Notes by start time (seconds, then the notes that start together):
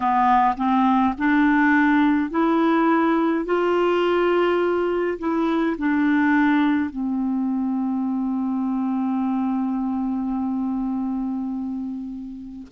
0.00 B3
0.56 C4
1.17 D4
2.30 E4
3.45 F4
5.18 E4
5.77 D4
6.90 C4